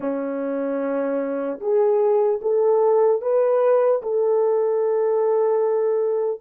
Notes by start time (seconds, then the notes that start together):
0.00 C#4
1.60 G#4
2.41 A4
3.21 B4
4.02 A4